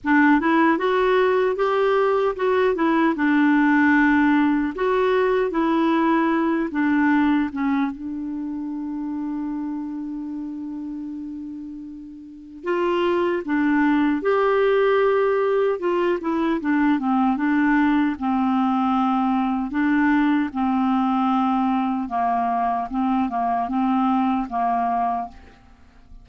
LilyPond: \new Staff \with { instrumentName = "clarinet" } { \time 4/4 \tempo 4 = 76 d'8 e'8 fis'4 g'4 fis'8 e'8 | d'2 fis'4 e'4~ | e'8 d'4 cis'8 d'2~ | d'1 |
f'4 d'4 g'2 | f'8 e'8 d'8 c'8 d'4 c'4~ | c'4 d'4 c'2 | ais4 c'8 ais8 c'4 ais4 | }